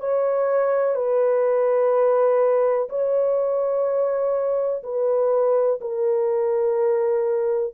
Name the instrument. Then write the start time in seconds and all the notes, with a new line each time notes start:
horn
0.00 C#5
0.95 B4
2.89 C#5
4.83 B4
5.81 A#4